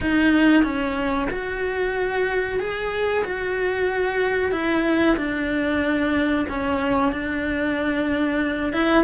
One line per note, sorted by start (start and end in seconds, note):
0.01 0.63 D#4
0.63 1.28 C#4
1.30 2.59 F#4
2.59 3.23 G#4
3.24 4.51 F#4
4.51 5.16 E4
5.16 6.45 D4
6.49 7.11 C#4
7.11 8.72 D4
8.72 9.04 E4